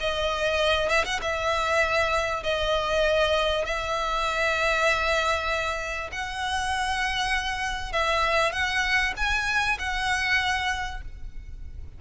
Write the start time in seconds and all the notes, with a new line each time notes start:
0.00 D#5
0.89 E5
1.05 F#5
1.22 E5
2.43 D#5
3.65 E5
6.12 F#5
7.92 E5
8.52 F#5
9.17 G#5
9.79 F#5